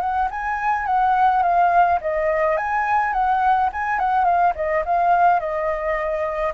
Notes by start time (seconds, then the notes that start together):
0.00 F#5
0.30 G#5
0.86 F#5
1.43 F5
2.01 D#5
2.57 G#5
3.13 F#5
3.72 G#5
3.99 F#5
4.24 F5
4.55 D#5
4.85 F5
5.40 D#5